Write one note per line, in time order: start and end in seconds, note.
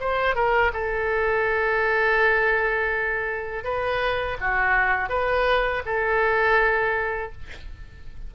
0.00 0.35 C5
0.35 0.72 A#4
0.73 3.64 A4
3.64 4.37 B4
4.41 5.09 F#4
5.09 5.82 B4
5.86 7.32 A4